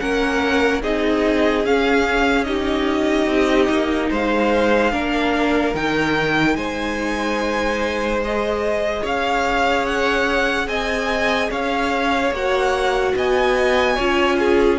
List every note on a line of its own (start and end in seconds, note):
0.00 0.84 A#3
0.00 0.82 C#4
0.00 0.82 A#4
0.00 0.82 F#5
0.82 1.66 C4
0.82 1.65 D#4
0.82 2.47 G#4
0.82 1.66 D#5
1.65 2.46 C#4
1.65 3.27 C#4
1.65 2.45 F5
2.45 4.92 D#4
2.45 4.10 G4
2.45 4.09 D#5
3.27 3.68 C4
3.70 4.11 A#3
4.10 4.93 G#3
4.10 4.92 C5
4.10 5.76 F5
4.92 5.75 A#3
4.92 5.74 D4
4.92 6.57 A#4
5.75 6.56 D#3
5.75 8.23 D#4
5.75 6.57 G5
6.56 9.02 G#3
6.56 9.03 C5
6.56 8.21 G#5
8.25 12.36 G#4
8.25 9.06 D#5
9.03 10.68 C#4
9.03 10.67 C#5
9.03 9.86 F5
9.86 10.68 F#5
10.68 11.50 C4
10.68 11.51 D#5
10.68 11.51 G#5
11.51 12.32 C#4
11.51 13.15 C#5
11.51 12.34 F5
12.32 13.14 A#3
12.32 13.98 F#4
12.32 13.18 F#5
13.16 13.98 B3
13.16 13.96 D#5
13.16 14.80 G#5
13.96 14.80 C#4
13.96 14.80 F4
13.96 14.37 C#5
14.39 14.80 G#4